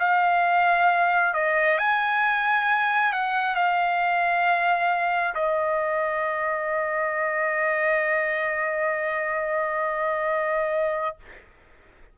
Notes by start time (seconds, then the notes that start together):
0.00 F5
1.34 D#5
1.78 G#5
3.13 F#5
3.55 F5
5.35 D#5